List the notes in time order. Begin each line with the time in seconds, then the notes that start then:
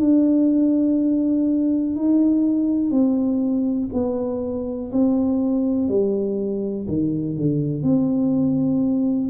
0.00 D4
1.96 D#4
2.91 C4
3.93 B3
4.92 C4
5.88 G3
6.88 D#3
7.37 D3
7.83 C4